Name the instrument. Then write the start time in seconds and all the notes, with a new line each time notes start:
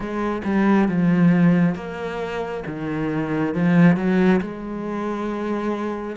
cello
0.00 G#3
0.44 G3
0.88 F3
1.75 A#3
2.66 D#3
3.54 F3
3.96 F#3
4.41 G#3